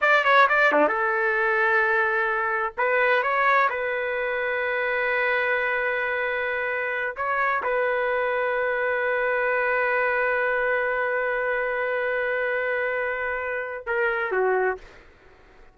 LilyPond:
\new Staff \with { instrumentName = "trumpet" } { \time 4/4 \tempo 4 = 130 d''8 cis''8 d''8 d'8 a'2~ | a'2 b'4 cis''4 | b'1~ | b'2.~ b'8 cis''8~ |
cis''8 b'2.~ b'8~ | b'1~ | b'1~ | b'2 ais'4 fis'4 | }